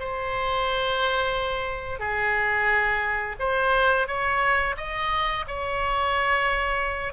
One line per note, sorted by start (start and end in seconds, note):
0.00 2.00 C5
2.00 3.36 G#4
3.40 4.08 C5
4.08 4.76 C#5
4.77 5.45 D#5
5.48 7.13 C#5